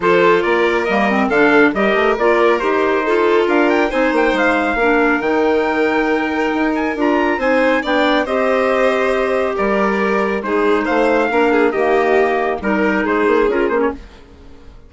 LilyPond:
<<
  \new Staff \with { instrumentName = "trumpet" } { \time 4/4 \tempo 4 = 138 c''4 d''4 dis''4 f''4 | dis''4 d''4 c''2 | f''8 g''8 gis''8 g''8 f''2 | g''2.~ g''8 gis''8 |
ais''4 gis''4 g''4 dis''4~ | dis''2 d''2 | c''4 f''2 dis''4~ | dis''4 ais'4 c''4 ais'8 c''16 cis''16 | }
  \new Staff \with { instrumentName = "violin" } { \time 4/4 a'4 ais'2 a'4 | ais'2. a'4 | ais'4 c''2 ais'4~ | ais'1~ |
ais'4 c''4 d''4 c''4~ | c''2 ais'2 | gis'4 c''4 ais'8 gis'8 g'4~ | g'4 ais'4 gis'2 | }
  \new Staff \with { instrumentName = "clarinet" } { \time 4/4 f'2 ais8 c'8 d'4 | g'4 f'4 g'4 f'4~ | f'4 dis'2 d'4 | dis'1 |
f'4 dis'4 d'4 g'4~ | g'1 | dis'2 d'4 ais4~ | ais4 dis'2 f'8 cis'8 | }
  \new Staff \with { instrumentName = "bassoon" } { \time 4/4 f4 ais4 g4 d4 | g8 a8 ais4 dis'2 | d'4 c'8 ais8 gis4 ais4 | dis2. dis'4 |
d'4 c'4 b4 c'4~ | c'2 g2 | gis4 a4 ais4 dis4~ | dis4 g4 gis8 ais8 cis'8 ais8 | }
>>